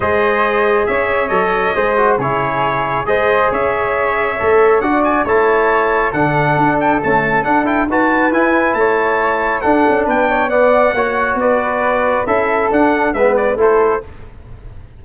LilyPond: <<
  \new Staff \with { instrumentName = "trumpet" } { \time 4/4 \tempo 4 = 137 dis''2 e''4 dis''4~ | dis''4 cis''2 dis''4 | e''2. fis''8 gis''8 | a''2 fis''4. g''8 |
a''4 fis''8 g''8 a''4 gis''4 | a''2 fis''4 g''4 | fis''2 d''2 | e''4 fis''4 e''8 d''8 c''4 | }
  \new Staff \with { instrumentName = "flute" } { \time 4/4 c''2 cis''2 | c''4 gis'2 c''4 | cis''2. d''4 | cis''2 a'2~ |
a'2 b'2 | cis''2 a'4 b'8 cis''8 | d''4 cis''4 b'2 | a'2 b'4 a'4 | }
  \new Staff \with { instrumentName = "trombone" } { \time 4/4 gis'2. a'4 | gis'8 fis'8 e'2 gis'4~ | gis'2 a'4 fis'4 | e'2 d'2 |
a4 d'8 e'8 fis'4 e'4~ | e'2 d'2 | b4 fis'2. | e'4 d'4 b4 e'4 | }
  \new Staff \with { instrumentName = "tuba" } { \time 4/4 gis2 cis'4 fis4 | gis4 cis2 gis4 | cis'2 a4 d'4 | a2 d4 d'4 |
cis'4 d'4 dis'4 e'4 | a2 d'8 cis'8 b4~ | b4 ais4 b2 | cis'4 d'4 gis4 a4 | }
>>